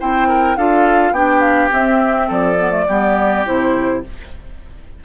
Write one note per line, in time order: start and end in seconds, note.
0.00 0.57 C4
0.00 0.58 E4
0.00 0.28 C5
0.00 0.57 G5
0.28 0.57 A#4
0.57 1.12 D4
0.57 1.15 F4
0.57 1.13 A4
0.57 1.13 F5
1.12 1.69 B3
1.12 1.70 D4
1.12 2.28 G4
1.12 1.40 G5
1.40 1.69 F5
1.70 2.56 C4
1.70 2.30 C4
1.70 2.30 E5
2.28 2.88 F3
2.28 2.85 A4
2.28 3.46 D5
2.59 2.70 B3
2.70 2.85 A3
2.88 3.46 G3
2.88 3.45 B3
2.88 4.03 G4
3.45 4.05 C3
3.45 4.03 E4
3.45 4.04 C5